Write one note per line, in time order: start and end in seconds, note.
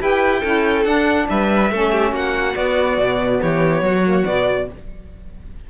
0.00 0.43 E4
0.00 0.43 G4
0.00 0.40 B4
0.00 0.84 G5
0.40 0.85 C#4
0.40 0.85 E4
0.40 1.25 A4
0.84 1.70 D4
0.84 1.28 D4
0.84 1.27 F#5
1.29 1.71 G3
1.29 1.72 B4
1.29 2.14 E5
1.71 2.12 A3
1.71 2.54 C#4
1.71 1.92 A4
1.92 2.12 G4
2.12 2.54 A#3
2.12 3.39 F#4
2.12 2.56 F#5
2.54 4.03 B3
2.54 2.98 B3
2.54 3.41 D5
2.98 3.40 B2
3.41 3.82 E3
3.41 3.84 G4
3.41 4.25 C#5
3.82 4.24 F#3
3.82 4.70 F#4
4.04 4.25 A#3
4.25 4.69 B2
4.25 4.67 B3
4.25 4.68 D5